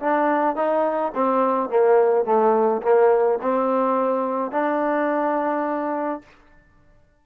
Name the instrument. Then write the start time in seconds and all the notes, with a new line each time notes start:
trombone
0.00 D4
0.56 D#4
1.14 C4
1.70 A#3
2.25 A3
2.82 A#3
3.42 C4
4.51 D4